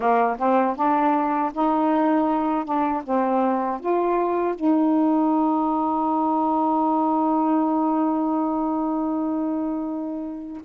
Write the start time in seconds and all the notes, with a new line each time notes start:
0.00 A#3
0.38 C4
0.76 D4
1.53 D#4
2.64 D4
3.04 C4
3.80 F4
4.54 D#4